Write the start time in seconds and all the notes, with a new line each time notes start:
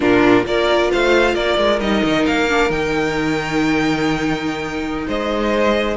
0.00 A#2 D4 F4 A#4
0.44 A#3 F4 A#4 D5
0.91 A3 C5 F5
1.34 A#3 A#4 D5
1.57 G#3
1.80 G3 D#4 D#5
2.03 D#3
2.26 A#3 F5
2.49 D4
2.69 D#3 D#4 G5
5.06 G#3 C5 D#5